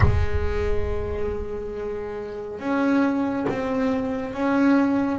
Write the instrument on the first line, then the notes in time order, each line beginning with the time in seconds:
double bass
0.00 G#3
2.59 C#4
3.48 C4
4.33 C#4